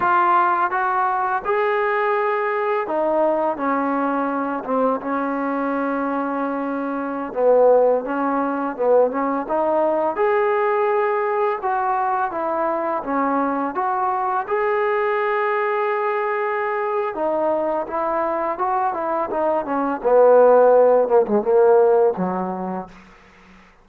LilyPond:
\new Staff \with { instrumentName = "trombone" } { \time 4/4 \tempo 4 = 84 f'4 fis'4 gis'2 | dis'4 cis'4. c'8 cis'4~ | cis'2~ cis'16 b4 cis'8.~ | cis'16 b8 cis'8 dis'4 gis'4.~ gis'16~ |
gis'16 fis'4 e'4 cis'4 fis'8.~ | fis'16 gis'2.~ gis'8. | dis'4 e'4 fis'8 e'8 dis'8 cis'8 | b4. ais16 gis16 ais4 fis4 | }